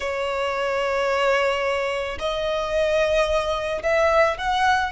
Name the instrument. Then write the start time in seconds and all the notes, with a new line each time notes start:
violin
0.00 C#5
2.18 D#5
3.82 E5
4.38 F#5